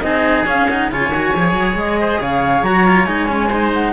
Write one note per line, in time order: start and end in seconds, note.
0.00 0.45 C4
0.00 0.45 D#4
0.00 0.91 G#4
0.00 0.43 D#5
0.45 0.88 C#4
0.45 0.67 C#4
0.45 0.68 F5
0.68 0.91 D#4
0.68 0.90 F#5
0.90 1.09 C#3
0.90 1.12 F4
0.90 2.00 C#5
0.90 1.78 G#5
1.09 1.31 D#3
1.09 1.35 F#4
1.35 1.52 F3
1.35 2.66 G#4
1.52 1.74 F#3
1.74 2.18 G#3
1.74 2.21 D#5
2.00 2.20 C5
2.20 2.62 C#3
2.20 3.48 C#5
2.20 2.63 F5
2.62 3.05 F#3
2.62 2.86 F#4
2.62 3.05 A#5
2.86 3.06 F4
3.05 3.92 G#3
3.05 3.28 D#4
3.05 3.70 G#5
3.28 3.49 C#4
3.48 3.92 D#4
3.48 3.91 C5
3.73 3.92 F#5